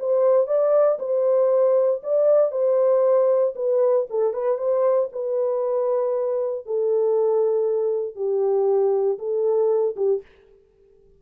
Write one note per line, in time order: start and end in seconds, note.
0.00 0.47 C5
0.47 0.99 D5
0.99 2.02 C5
2.03 2.52 D5
2.52 3.55 C5
3.56 4.07 B4
4.10 4.34 A4
4.34 4.58 B4
4.58 5.10 C5
5.13 6.66 B4
6.66 8.16 A4
8.16 9.18 G4
9.19 9.96 A4
9.97 10.22 G4